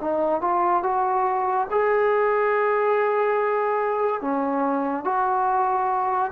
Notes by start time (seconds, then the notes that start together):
0.00 D#4
0.41 F4
0.83 F#4
1.71 G#4
4.21 C#4
5.04 F#4